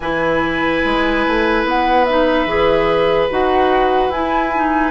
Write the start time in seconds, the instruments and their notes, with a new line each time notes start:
0.00 bassoon E3, clarinet E4, oboe B4, flute G#5
0.85 bassoon G#3
1.27 bassoon A3
1.64 bassoon B3, flute F#5
2.05 clarinet D#4, flute E5
2.45 bassoon E3, clarinet G#4
3.30 bassoon D#4, clarinet F#4, flute F#5
4.09 bassoon E4, clarinet E4, flute G#5
4.55 clarinet D#4